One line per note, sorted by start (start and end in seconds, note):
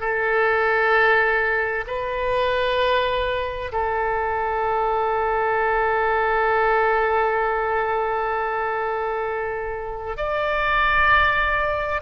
0.00 1.85 A4
1.87 3.72 B4
3.72 10.17 A4
10.17 12.01 D5